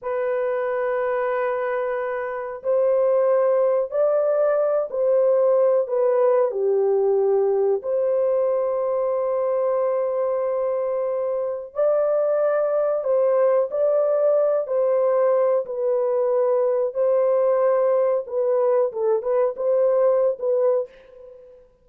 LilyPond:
\new Staff \with { instrumentName = "horn" } { \time 4/4 \tempo 4 = 92 b'1 | c''2 d''4. c''8~ | c''4 b'4 g'2 | c''1~ |
c''2 d''2 | c''4 d''4. c''4. | b'2 c''2 | b'4 a'8 b'8 c''4~ c''16 b'8. | }